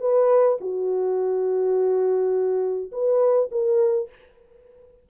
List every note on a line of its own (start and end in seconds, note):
0.00 0.58 B4
0.61 2.91 F#4
2.91 3.49 B4
3.51 4.09 A#4